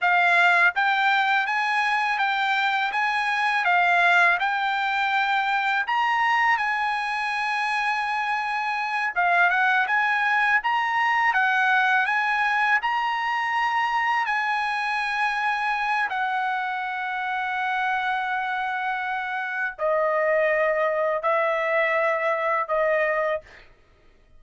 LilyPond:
\new Staff \with { instrumentName = "trumpet" } { \time 4/4 \tempo 4 = 82 f''4 g''4 gis''4 g''4 | gis''4 f''4 g''2 | ais''4 gis''2.~ | gis''8 f''8 fis''8 gis''4 ais''4 fis''8~ |
fis''8 gis''4 ais''2 gis''8~ | gis''2 fis''2~ | fis''2. dis''4~ | dis''4 e''2 dis''4 | }